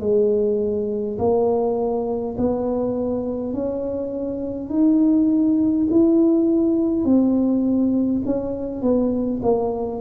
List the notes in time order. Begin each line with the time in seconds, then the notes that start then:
0.00 G#3
1.18 A#3
2.38 B3
3.53 C#4
4.70 D#4
5.90 E4
7.04 C4
8.25 C#4
8.82 B3
9.42 A#3